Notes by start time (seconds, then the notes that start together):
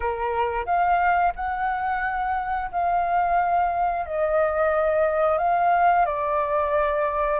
0.00 A#4
0.65 F5
1.35 F#5
2.71 F5
4.05 D#5
5.38 F5
6.05 D5